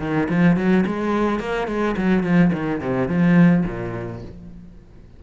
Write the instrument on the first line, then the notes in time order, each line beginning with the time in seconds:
cello
0.00 D#3
0.29 F3
0.56 F#3
0.86 G#3
1.39 A#3
1.68 G#3
1.97 F#3
2.23 F3
2.53 D#3
2.81 C3
3.09 F3
3.66 A#2